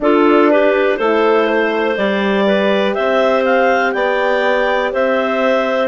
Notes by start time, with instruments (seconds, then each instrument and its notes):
0.00 horn D4, bassoon D4, clarinet F4 A4
0.50 clarinet G4 B4
0.97 bassoon A3, horn E4, clarinet A4 C5
1.46 clarinet C5
1.97 bassoon G3, horn G4, clarinet D5
2.46 clarinet B4
2.94 bassoon C4, clarinet C5 E5
3.44 clarinet F5
3.92 bassoon B3, clarinet D5 G5
4.92 bassoon C4, clarinet C5 E5